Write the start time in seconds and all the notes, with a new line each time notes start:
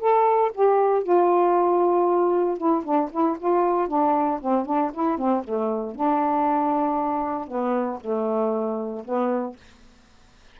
0.00 A4
0.55 G4
1.03 F4
2.58 E4
2.84 D4
3.12 E4
3.39 F4
3.88 D4
4.41 C4
4.66 D4
4.94 E4
5.18 C4
5.44 A3
5.95 D4
7.48 B3
8.01 A3
9.05 B3